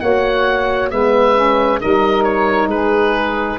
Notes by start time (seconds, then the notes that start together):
0.00 A#3 F#4 C#5 F#5
0.90 G#3 B3 B4 E5
1.35 C#4
1.79 G3 D#4 A#4 D#5
2.24 C#5
2.67 G#3 G#4 B4